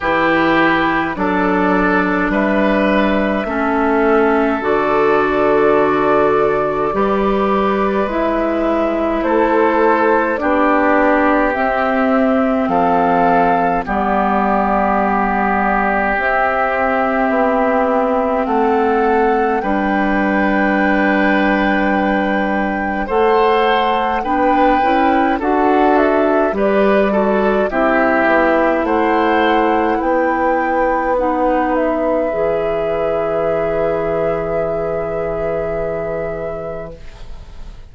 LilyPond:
<<
  \new Staff \with { instrumentName = "flute" } { \time 4/4 \tempo 4 = 52 b'4 d''4 e''2 | d''2. e''4 | c''4 d''4 e''4 f''4 | d''2 e''2 |
fis''4 g''2. | fis''4 g''4 fis''8 e''8 d''4 | e''4 fis''4 g''4 fis''8 e''8~ | e''1 | }
  \new Staff \with { instrumentName = "oboe" } { \time 4/4 g'4 a'4 b'4 a'4~ | a'2 b'2 | a'4 g'2 a'4 | g'1 |
a'4 b'2. | c''4 b'4 a'4 b'8 a'8 | g'4 c''4 b'2~ | b'1 | }
  \new Staff \with { instrumentName = "clarinet" } { \time 4/4 e'4 d'2 cis'4 | fis'2 g'4 e'4~ | e'4 d'4 c'2 | b2 c'2~ |
c'4 d'2. | a'4 d'8 e'8 fis'4 g'8 fis'8 | e'2. dis'4 | gis'1 | }
  \new Staff \with { instrumentName = "bassoon" } { \time 4/4 e4 fis4 g4 a4 | d2 g4 gis4 | a4 b4 c'4 f4 | g2 c'4 b4 |
a4 g2. | a4 b8 cis'8 d'4 g4 | c'8 b8 a4 b2 | e1 | }
>>